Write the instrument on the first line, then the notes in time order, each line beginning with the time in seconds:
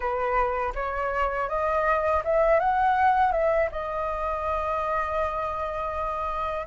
flute
0.00 B4
0.74 C#5
1.48 D#5
2.24 E5
2.59 F#5
3.32 E5
3.71 D#5